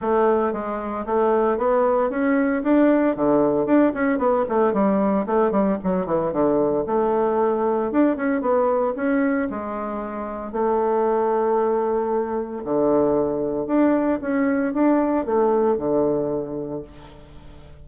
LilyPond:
\new Staff \with { instrumentName = "bassoon" } { \time 4/4 \tempo 4 = 114 a4 gis4 a4 b4 | cis'4 d'4 d4 d'8 cis'8 | b8 a8 g4 a8 g8 fis8 e8 | d4 a2 d'8 cis'8 |
b4 cis'4 gis2 | a1 | d2 d'4 cis'4 | d'4 a4 d2 | }